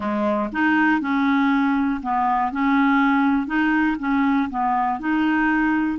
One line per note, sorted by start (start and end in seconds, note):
0.00 0.49 G#3
0.52 1.00 D#4
1.00 2.00 C#4
2.02 2.52 B3
2.52 3.47 C#4
3.47 3.97 D#4
3.99 4.49 C#4
4.50 4.99 B3
4.99 5.99 D#4